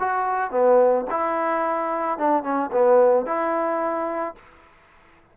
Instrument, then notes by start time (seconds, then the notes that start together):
trombone
0.00 F#4
0.51 B3
1.11 E4
2.19 D4
2.44 C#4
2.72 B3
3.27 E4